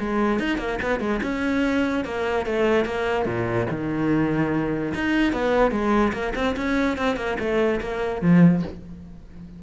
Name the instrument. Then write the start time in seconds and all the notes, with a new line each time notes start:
cello
0.00 G#3
0.39 D#4
0.58 A#3
0.82 B3
1.00 G#3
1.23 C#4
2.05 A#3
2.46 A3
2.85 A#3
3.26 A#2
3.71 D#3
4.95 D#4
5.33 B3
5.71 G#3
6.13 A#3
6.35 C4
6.57 C#4
6.98 C4
7.17 A#3
7.40 A3
7.81 A#3
8.22 F3